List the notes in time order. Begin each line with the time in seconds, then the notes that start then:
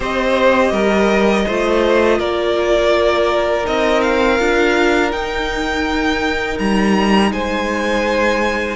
0.00 C4 G4 C5 D#5
0.72 G3 A#4
1.46 A3 F4 C5
2.18 A#3 A#4 D5
3.64 C4 D#4 D#5
4.01 F5
4.38 D4 F4
5.11 D#4 G5
6.58 G3 A#5
7.31 G#3 C5 G#5